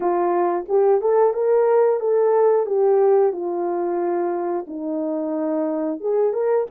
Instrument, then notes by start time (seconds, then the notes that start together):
horn
0.00 F4
0.68 G4
1.01 A4
1.33 A#4
2.00 A4
2.65 G4
3.32 F4
4.67 D#4
6.00 G#4
6.33 A#4